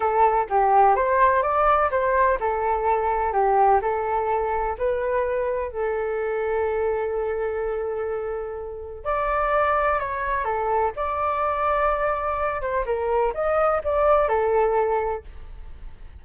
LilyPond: \new Staff \with { instrumentName = "flute" } { \time 4/4 \tempo 4 = 126 a'4 g'4 c''4 d''4 | c''4 a'2 g'4 | a'2 b'2 | a'1~ |
a'2. d''4~ | d''4 cis''4 a'4 d''4~ | d''2~ d''8 c''8 ais'4 | dis''4 d''4 a'2 | }